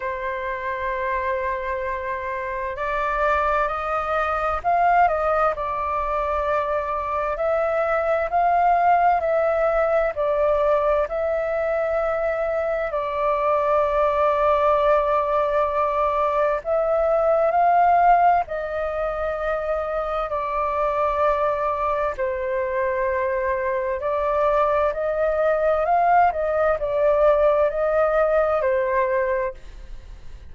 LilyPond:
\new Staff \with { instrumentName = "flute" } { \time 4/4 \tempo 4 = 65 c''2. d''4 | dis''4 f''8 dis''8 d''2 | e''4 f''4 e''4 d''4 | e''2 d''2~ |
d''2 e''4 f''4 | dis''2 d''2 | c''2 d''4 dis''4 | f''8 dis''8 d''4 dis''4 c''4 | }